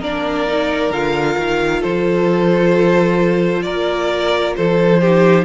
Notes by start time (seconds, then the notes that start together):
0.00 A#3 D4 A#4 D5
0.47 D#4
0.90 D3 F4 F5
1.38 D#3
1.80 F3 A4 C5
3.63 A#3 A#4 D5
4.56 F3 A4 C5
5.01 D#4 G4